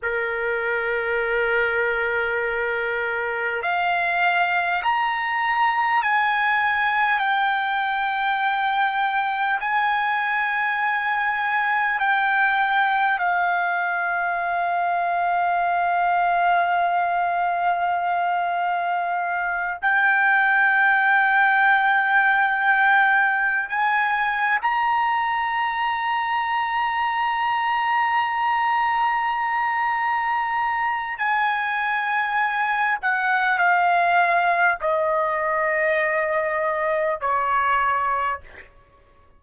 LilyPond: \new Staff \with { instrumentName = "trumpet" } { \time 4/4 \tempo 4 = 50 ais'2. f''4 | ais''4 gis''4 g''2 | gis''2 g''4 f''4~ | f''1~ |
f''8 g''2.~ g''16 gis''16~ | gis''8 ais''2.~ ais''8~ | ais''2 gis''4. fis''8 | f''4 dis''2 cis''4 | }